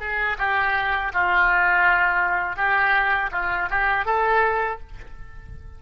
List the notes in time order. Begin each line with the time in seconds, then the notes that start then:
0.00 G#4
0.38 G4
1.13 F4
2.56 G4
3.32 F4
3.70 G4
4.05 A4